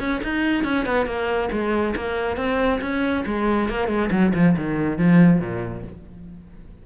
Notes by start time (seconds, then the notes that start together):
0.00 C#4
0.24 D#4
0.64 C#4
0.86 B3
1.06 A#3
1.52 G#3
1.96 A#3
2.37 C4
2.82 C#4
3.26 G#3
3.69 A#3
3.88 G#3
4.11 F#3
4.34 F3
4.57 D#3
4.98 F3
5.40 A#2